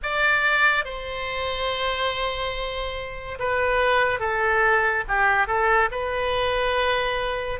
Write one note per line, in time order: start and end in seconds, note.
0.02 0.85 D5
0.85 3.38 C5
3.39 4.19 B4
4.19 5.04 A4
5.07 5.47 G4
5.47 5.89 A4
5.91 7.60 B4